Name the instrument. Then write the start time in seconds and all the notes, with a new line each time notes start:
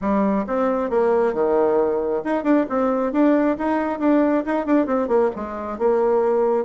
bassoon
0.01 G3
0.47 C4
0.90 A#3
1.33 D#3
2.24 D#4
2.43 D4
2.69 C4
3.12 D4
3.57 D#4
3.99 D4
4.45 D#4
4.66 D4
4.86 C4
5.08 A#3
5.35 G#3
5.78 A#3